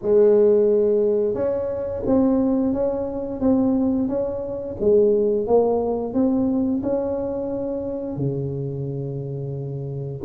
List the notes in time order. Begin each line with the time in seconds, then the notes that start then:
0.02 G#3
1.34 C#4
2.05 C4
2.73 C#4
3.40 C4
4.08 C#4
4.79 G#3
5.46 A#3
6.13 C4
6.82 C#4
8.16 C#3